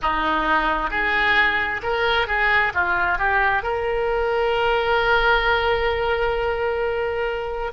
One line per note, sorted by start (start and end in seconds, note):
0.02 0.90 D#4
0.90 1.81 G#4
1.82 2.27 A#4
2.27 2.72 G#4
2.74 3.18 F4
3.18 3.62 G4
3.62 7.71 A#4